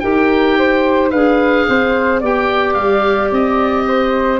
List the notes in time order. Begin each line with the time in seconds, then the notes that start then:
0.00 D#4 G4 A#4 G5
0.58 C5
1.10 D4 G#4 B4 F5
1.69 C4 C5
2.20 B3 G4 D5 G5
2.74 G3 F5
3.32 C4 D#5
3.87 C5